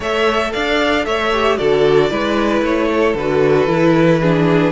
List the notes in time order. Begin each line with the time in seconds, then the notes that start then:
0.00 A3 A4 C#5 E5
0.52 D4 D5 F5
1.05 A3 C#5 E5
1.32 G4
1.57 D3 F#4 A4 D5
2.09 G#3 E4 B4
2.61 A3 C#5
2.91 A4
3.14 D3 F#4 B4
3.66 E3 E4
4.21 D4 G#4